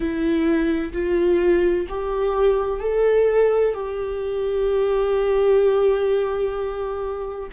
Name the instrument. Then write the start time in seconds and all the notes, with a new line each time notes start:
viola
0.00 E4
0.92 F4
1.88 G4
2.80 A4
3.74 G4